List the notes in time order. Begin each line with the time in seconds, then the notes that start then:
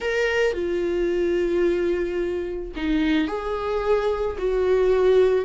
0.00 A#4
0.53 F4
2.76 D#4
3.27 G#4
4.38 F#4